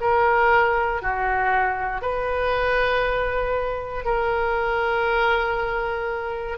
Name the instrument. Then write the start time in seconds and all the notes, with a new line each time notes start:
oboe
0.00 A#4
1.02 F#4
2.01 B4
4.04 A#4